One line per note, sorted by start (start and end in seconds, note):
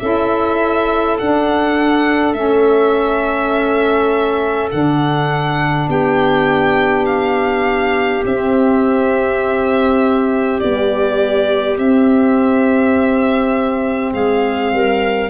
0.00 1.20 C#4
0.00 1.19 E4
0.00 5.88 A4
0.00 1.18 E5
1.19 2.34 D4
1.19 2.35 D4
1.19 2.34 F#5
2.34 4.69 A3
2.34 4.71 C#4
2.34 4.69 E5
4.71 5.88 D3
4.71 8.24 D4
4.71 5.89 F#5
5.88 8.24 B3
5.88 14.13 G4
5.88 7.06 G5
7.06 8.24 F5
8.25 10.61 C4
8.25 10.62 C4
8.25 10.60 E5
10.60 11.79 G3
10.60 11.78 B3
10.60 11.78 D5
11.78 14.13 C4
11.78 15.30 C4
11.78 14.14 E5
14.14 14.73 G#3
14.14 14.73 G#4
14.14 15.30 F5
14.73 15.30 G3
14.73 15.30 A#4